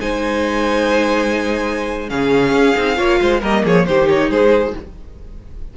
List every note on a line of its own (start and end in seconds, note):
0.00 2.11 G#3
0.00 2.09 D#4
0.00 2.10 C5
0.00 2.10 G#5
2.09 2.53 C#3
2.09 2.75 C#4
2.09 2.98 G#4
2.09 3.42 F5
2.53 2.75 C#4
2.77 2.99 C4
2.77 2.96 D#4
2.96 3.21 A#3
2.96 3.40 F4
2.96 3.20 C#5
3.22 3.43 G#3
3.22 3.41 C5
3.41 3.65 G3
3.41 3.88 A#3
3.41 3.63 A#4
3.41 3.65 D#5
3.64 3.88 F3
3.64 3.86 G#4
3.64 3.87 C#5
3.87 4.30 D#3
3.87 4.77 D#4
3.87 4.30 G4
3.87 4.09 C5
4.10 4.31 C#5
4.30 4.74 G#3
4.30 4.75 G#4
4.30 4.75 C5